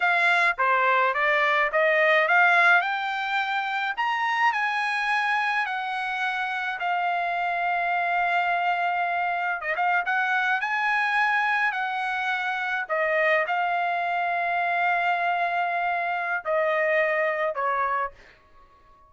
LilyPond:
\new Staff \with { instrumentName = "trumpet" } { \time 4/4 \tempo 4 = 106 f''4 c''4 d''4 dis''4 | f''4 g''2 ais''4 | gis''2 fis''2 | f''1~ |
f''4 dis''16 f''8 fis''4 gis''4~ gis''16~ | gis''8. fis''2 dis''4 f''16~ | f''1~ | f''4 dis''2 cis''4 | }